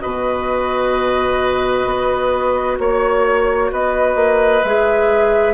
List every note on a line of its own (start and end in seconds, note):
0.00 1.86 B2
0.00 4.62 F#4
0.00 2.79 B4
0.00 2.77 D#5
1.86 2.78 B3
2.79 3.71 A#3
2.79 3.71 C#5
2.79 3.72 C#5
3.72 4.15 B3
3.72 5.54 B4
3.72 4.64 D#5
4.15 4.61 A#3
4.64 5.54 G#3
4.64 5.54 G#4
4.64 5.54 E5